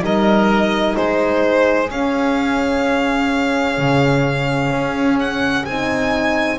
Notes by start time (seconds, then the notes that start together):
0.00 G3 D#4 A#4 D#5
0.96 G#3 G#4 C5
1.90 C#4 F5
3.78 C#3
4.71 C#4
5.19 F#5
5.65 C4 D#4 G#5